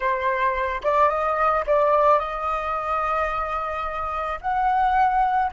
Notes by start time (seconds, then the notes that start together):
0.00 C5
0.83 D5
1.09 D#5
1.66 D5
2.19 D#5
4.41 F#5